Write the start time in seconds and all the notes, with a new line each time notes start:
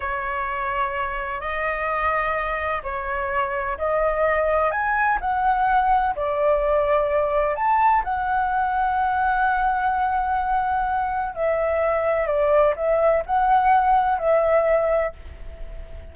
0.00 C#5
1.40 D#5
2.83 C#5
3.78 D#5
4.71 G#5
5.21 F#5
6.15 D5
7.55 A5
8.04 F#5
11.35 E5
12.27 D5
12.76 E5
13.26 F#5
14.18 E5